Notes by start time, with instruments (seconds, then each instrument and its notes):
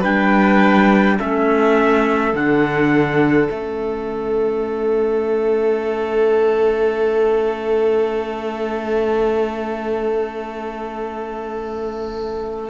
0.00 cello G3, clarinet D4, violin B4, trumpet G5
1.18 cello A3, clarinet C#4, violin A4, trumpet E5
2.33 cello D3, clarinet D4, trumpet F#5
3.48 cello A3, clarinet C#4, trumpet E5